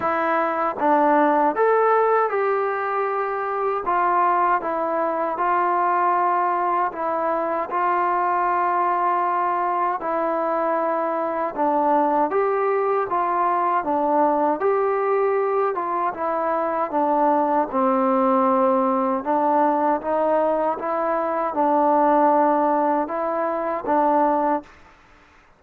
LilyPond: \new Staff \with { instrumentName = "trombone" } { \time 4/4 \tempo 4 = 78 e'4 d'4 a'4 g'4~ | g'4 f'4 e'4 f'4~ | f'4 e'4 f'2~ | f'4 e'2 d'4 |
g'4 f'4 d'4 g'4~ | g'8 f'8 e'4 d'4 c'4~ | c'4 d'4 dis'4 e'4 | d'2 e'4 d'4 | }